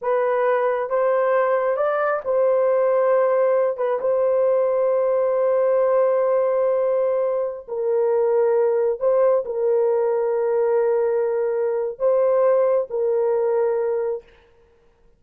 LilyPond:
\new Staff \with { instrumentName = "horn" } { \time 4/4 \tempo 4 = 135 b'2 c''2 | d''4 c''2.~ | c''8 b'8 c''2.~ | c''1~ |
c''4~ c''16 ais'2~ ais'8.~ | ais'16 c''4 ais'2~ ais'8.~ | ais'2. c''4~ | c''4 ais'2. | }